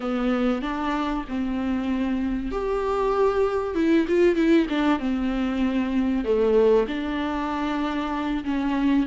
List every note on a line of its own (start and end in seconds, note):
0.00 0.62 B3
0.62 1.24 D4
1.28 2.51 C4
2.51 3.74 G4
3.74 4.06 E4
4.08 4.35 F4
4.35 4.66 E4
4.69 4.99 D4
4.99 6.24 C4
6.24 6.86 A3
6.88 8.44 D4
8.44 9.06 C#4